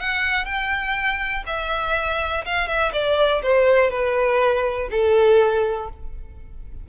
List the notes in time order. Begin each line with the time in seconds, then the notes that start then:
0.00 F#5
0.45 G5
1.46 E5
2.45 F5
2.68 E5
2.93 D5
3.43 C5
3.91 B4
4.91 A4